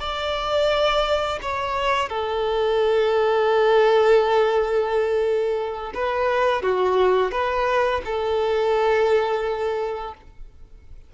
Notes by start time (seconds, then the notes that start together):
0.00 D5
1.42 C#5
2.09 A4
5.94 B4
6.62 F#4
7.32 B4
8.05 A4